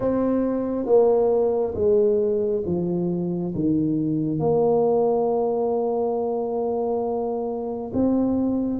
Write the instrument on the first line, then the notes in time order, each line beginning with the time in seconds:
tuba
0.00 C4
0.85 A#3
1.74 G#3
2.65 F3
3.55 D#3
4.39 A#3
7.93 C4